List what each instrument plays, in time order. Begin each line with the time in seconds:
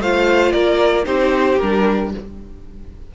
0.00 cello A3, viola F4, violin C5 F5
0.52 cello A#3, violin A#4 D5
1.04 cello C4, viola D#4, violin G4 C5
1.58 cello G3, viola D4, violin A#4